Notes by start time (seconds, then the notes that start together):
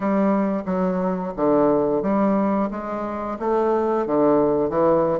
0.00 G3
0.65 F#3
1.36 D3
2.02 G3
2.70 G#3
3.39 A3
4.06 D3
4.69 E3